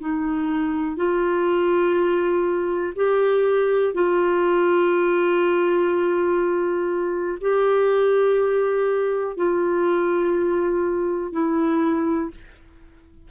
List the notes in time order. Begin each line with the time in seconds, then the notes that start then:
0.00 D#4
0.97 F4
2.96 G4
3.94 F4
7.41 G4
9.36 F4
11.32 E4